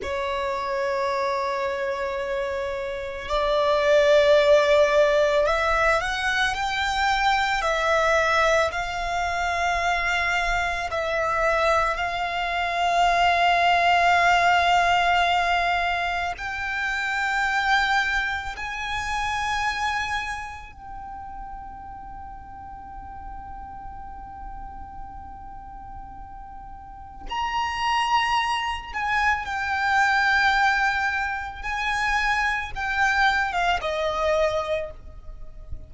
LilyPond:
\new Staff \with { instrumentName = "violin" } { \time 4/4 \tempo 4 = 55 cis''2. d''4~ | d''4 e''8 fis''8 g''4 e''4 | f''2 e''4 f''4~ | f''2. g''4~ |
g''4 gis''2 g''4~ | g''1~ | g''4 ais''4. gis''8 g''4~ | g''4 gis''4 g''8. f''16 dis''4 | }